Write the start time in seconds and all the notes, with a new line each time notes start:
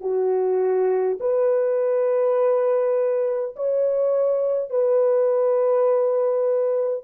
0.00 F#4
1.19 B4
3.56 C#5
4.70 B4